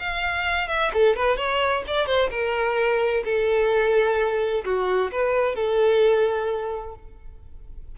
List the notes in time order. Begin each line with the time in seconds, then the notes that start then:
0.00 F5
0.68 E5
0.94 A4
1.16 B4
1.37 C#5
1.88 D5
2.07 C5
2.31 A#4
3.25 A4
4.65 F#4
5.12 B4
5.56 A4